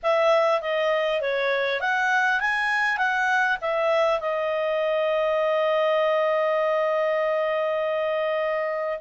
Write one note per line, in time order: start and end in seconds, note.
0.02 0.61 E5
0.61 1.21 D#5
1.21 1.80 C#5
1.80 2.40 F#5
2.40 2.97 G#5
2.97 3.57 F#5
3.61 4.20 E5
4.20 9.00 D#5